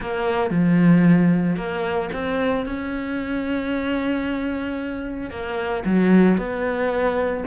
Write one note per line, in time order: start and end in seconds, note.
0.00 0.50 A#3
0.50 1.56 F3
1.56 2.09 A#3
2.12 2.65 C4
2.65 5.30 C#4
5.30 5.83 A#3
5.85 6.37 F#3
6.37 7.44 B3